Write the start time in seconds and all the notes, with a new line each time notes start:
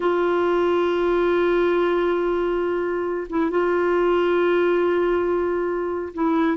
0.00 F4
3.29 E4
3.50 F4
6.14 E4